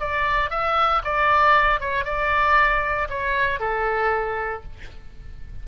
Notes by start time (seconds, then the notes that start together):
0.00 D5
0.50 E5
1.04 D5
1.80 C#5
2.05 D5
3.09 C#5
3.60 A4